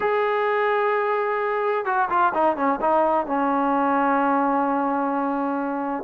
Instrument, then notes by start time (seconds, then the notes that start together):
trombone
0.00 G#4
1.85 F#4
2.09 F4
2.34 D#4
2.56 C#4
2.80 D#4
3.26 C#4